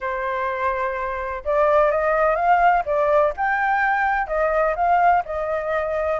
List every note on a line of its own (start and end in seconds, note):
0.00 1.43 C5
1.44 1.91 D5
1.91 2.35 D#5
2.35 2.83 F5
2.85 3.33 D5
3.37 4.27 G5
4.27 4.74 D#5
4.75 5.23 F5
5.25 6.20 D#5